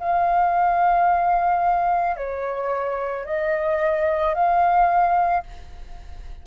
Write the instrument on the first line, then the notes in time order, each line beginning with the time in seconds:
flute
0.00 F5
2.17 C#5
3.25 D#5
4.34 F5